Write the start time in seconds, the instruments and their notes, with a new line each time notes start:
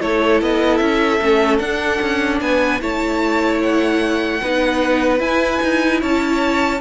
0.00 cello A3, viola E4, violin A4 C#5
0.42 cello B3, violin D#5
0.77 cello C#4, violin E5
1.21 cello A3, viola C#4
1.59 cello D4, viola D4, violin F#5
2.01 cello C#4
2.41 cello B3, violin B4 G#5
2.81 cello A3, viola E4, violin C#5 A5
3.63 violin F#5
4.41 cello B3, viola D#4, violin B4
5.19 viola E4, cello E4, violin G#5
5.62 cello D#4
6.01 cello C#4, violin C#5 A5